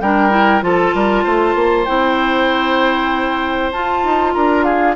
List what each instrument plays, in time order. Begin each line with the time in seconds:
0.00 bassoon G3, clarinet D4, oboe A#4, flute G5
0.30 clarinet E4
0.61 bassoon F3, clarinet F4, oboe A4, flute A5
0.94 bassoon G3, oboe A#4
1.23 bassoon A3, oboe C5
1.55 bassoon A#3
1.85 bassoon C4, clarinet E4, flute G5
3.71 clarinet F4, bassoon F4, flute A5
4.03 bassoon D#4
4.33 bassoon D4, oboe A#4, flute A#5
4.63 oboe G#4, flute F5